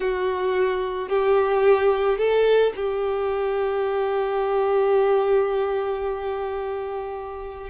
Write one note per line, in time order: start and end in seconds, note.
0.00 1.08 F#4
1.08 2.17 G4
2.17 2.72 A4
2.75 7.70 G4